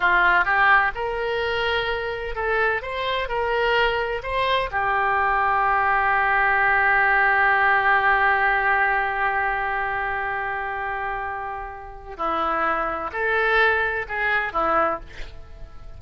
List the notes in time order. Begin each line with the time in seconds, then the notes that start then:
0.00 F4
0.44 G4
0.94 A#4
2.35 A4
2.81 C5
3.28 A#4
4.23 C5
4.71 G4
12.17 E4
13.12 A4
14.08 G#4
14.52 E4